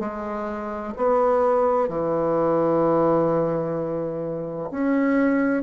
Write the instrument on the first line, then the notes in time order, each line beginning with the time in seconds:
bassoon
0.00 G#3
0.97 B3
1.89 E3
4.71 C#4